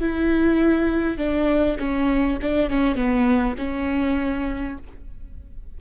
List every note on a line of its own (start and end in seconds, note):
0.00 1.18 E4
1.18 1.78 D4
1.79 2.39 C#4
2.41 2.70 D4
2.70 2.95 C#4
2.95 3.55 B3
3.57 4.77 C#4